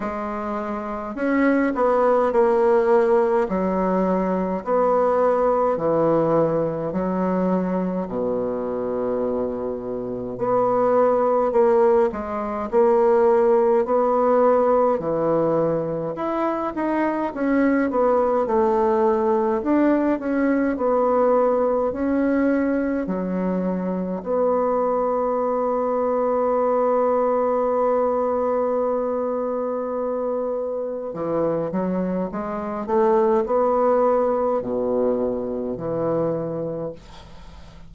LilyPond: \new Staff \with { instrumentName = "bassoon" } { \time 4/4 \tempo 4 = 52 gis4 cis'8 b8 ais4 fis4 | b4 e4 fis4 b,4~ | b,4 b4 ais8 gis8 ais4 | b4 e4 e'8 dis'8 cis'8 b8 |
a4 d'8 cis'8 b4 cis'4 | fis4 b2.~ | b2. e8 fis8 | gis8 a8 b4 b,4 e4 | }